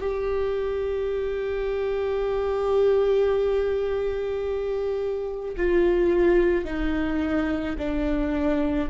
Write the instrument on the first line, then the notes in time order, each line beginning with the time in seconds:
viola
0.00 G4
5.57 F4
6.65 D#4
7.78 D4